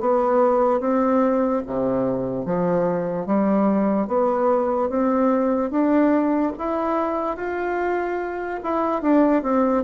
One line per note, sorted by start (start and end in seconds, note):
0.00 0.80 B3
0.80 1.62 C4
1.66 2.45 C3
2.45 3.26 F3
3.26 4.07 G3
4.07 4.89 B3
4.89 5.70 C4
5.70 6.52 D4
6.58 7.36 E4
7.36 8.59 F4
8.63 9.01 E4
9.01 9.42 D4
9.42 9.83 C4